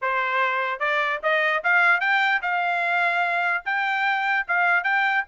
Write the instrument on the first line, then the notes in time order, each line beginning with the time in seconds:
trumpet
0.01 C5
0.79 D5
1.22 D#5
1.63 F5
2.00 G5
2.42 F5
3.65 G5
4.47 F5
4.83 G5